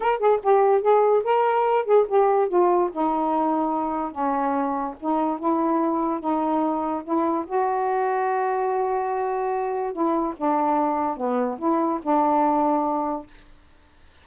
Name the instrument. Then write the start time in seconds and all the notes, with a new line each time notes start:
saxophone
0.00 A#4
0.18 G#4
0.42 G4
0.81 G#4
1.24 A#4
1.85 G#4
2.08 G4
2.48 F4
2.92 D#4
4.11 C#4
5.00 D#4
5.39 E4
6.20 D#4
7.03 E4
7.46 F#4
9.92 E4
10.37 D4
11.16 B3
11.58 E4
12.02 D4